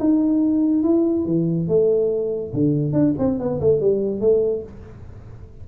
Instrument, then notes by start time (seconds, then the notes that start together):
tuba
0.00 D#4
0.84 E4
1.26 E3
1.68 A3
2.54 D3
2.93 D4
3.19 C4
3.40 B3
3.61 A3
3.81 G3
4.21 A3